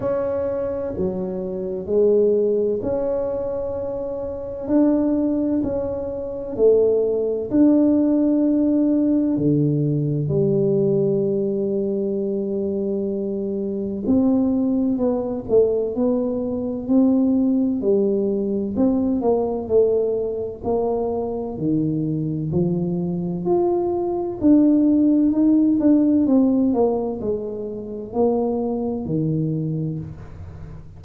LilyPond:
\new Staff \with { instrumentName = "tuba" } { \time 4/4 \tempo 4 = 64 cis'4 fis4 gis4 cis'4~ | cis'4 d'4 cis'4 a4 | d'2 d4 g4~ | g2. c'4 |
b8 a8 b4 c'4 g4 | c'8 ais8 a4 ais4 dis4 | f4 f'4 d'4 dis'8 d'8 | c'8 ais8 gis4 ais4 dis4 | }